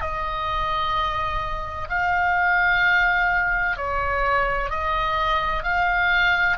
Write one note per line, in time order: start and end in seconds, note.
0.00 1.87 D#5
1.89 3.76 F5
3.76 4.70 C#5
4.70 5.63 D#5
5.63 6.57 F5